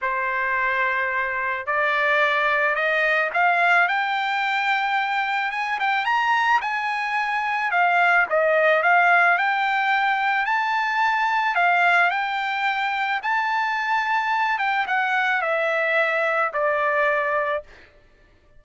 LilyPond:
\new Staff \with { instrumentName = "trumpet" } { \time 4/4 \tempo 4 = 109 c''2. d''4~ | d''4 dis''4 f''4 g''4~ | g''2 gis''8 g''8 ais''4 | gis''2 f''4 dis''4 |
f''4 g''2 a''4~ | a''4 f''4 g''2 | a''2~ a''8 g''8 fis''4 | e''2 d''2 | }